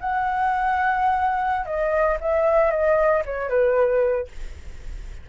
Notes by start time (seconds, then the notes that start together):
0.00 F#5
1.66 D#5
2.21 E5
2.71 D#5
3.25 C#5
3.49 B4